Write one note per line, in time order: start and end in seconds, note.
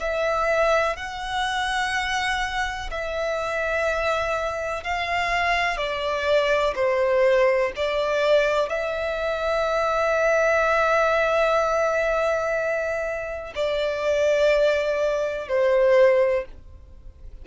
0.00 0.96 E5
0.96 2.90 F#5
2.91 4.84 E5
4.84 5.77 F5
5.77 6.74 D5
6.75 7.72 C5
7.76 8.69 D5
8.69 13.53 E5
13.55 15.48 D5
15.48 16.45 C5